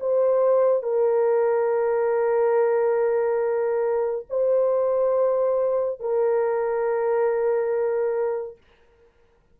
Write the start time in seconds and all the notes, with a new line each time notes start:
0.00 C5
0.83 A#4
4.29 C5
6.00 A#4